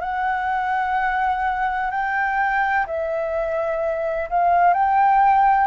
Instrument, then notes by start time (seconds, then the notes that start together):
flute
0.00 F#5
1.90 G5
2.86 E5
4.29 F5
4.74 G5